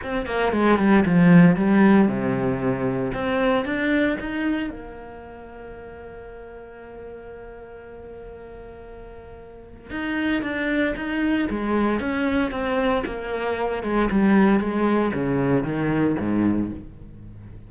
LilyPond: \new Staff \with { instrumentName = "cello" } { \time 4/4 \tempo 4 = 115 c'8 ais8 gis8 g8 f4 g4 | c2 c'4 d'4 | dis'4 ais2.~ | ais1~ |
ais2. dis'4 | d'4 dis'4 gis4 cis'4 | c'4 ais4. gis8 g4 | gis4 cis4 dis4 gis,4 | }